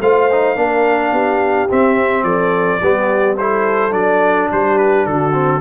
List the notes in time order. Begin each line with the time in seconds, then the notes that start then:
0.00 A3 F4 C5 F5
0.31 D#4
0.56 A#3 D4 A#4
1.11 B3 G4
1.69 C4 E5
2.23 F3 A4 D5
2.81 G3 B3 G4
3.37 E4 A4 C5
3.91 F#3 D4 D5
4.51 G3 G4 C5
4.77 B4
5.05 D3 F#4 A4
5.32 C4